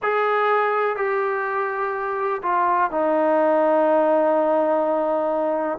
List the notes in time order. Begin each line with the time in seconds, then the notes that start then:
0.02 G#4
0.96 G4
2.42 F4
2.90 D#4